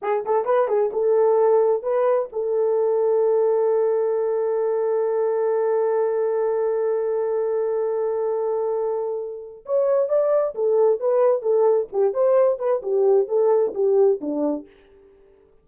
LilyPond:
\new Staff \with { instrumentName = "horn" } { \time 4/4 \tempo 4 = 131 gis'8 a'8 b'8 gis'8 a'2 | b'4 a'2.~ | a'1~ | a'1~ |
a'1~ | a'4 cis''4 d''4 a'4 | b'4 a'4 g'8 c''4 b'8 | g'4 a'4 g'4 d'4 | }